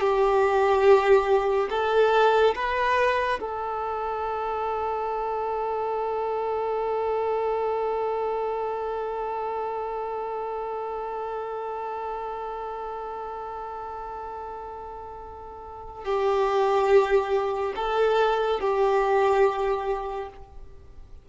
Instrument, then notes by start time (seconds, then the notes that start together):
violin
0.00 G4
1.70 A4
2.55 B4
3.40 A4
16.05 G4
17.76 A4
18.60 G4